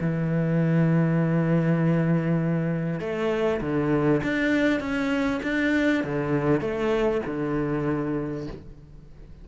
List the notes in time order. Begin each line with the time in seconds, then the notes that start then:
0.00 E3
3.00 A3
3.61 D3
4.23 D4
4.80 C#4
5.42 D4
6.03 D3
6.60 A3
7.26 D3